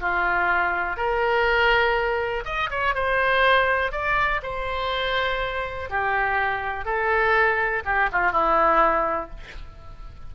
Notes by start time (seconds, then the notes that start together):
0.00 F4
0.96 A#4
2.45 D#5
2.70 C#5
2.94 C5
3.92 D5
4.42 C5
5.89 G4
6.85 A4
7.85 G4
8.12 F4
8.32 E4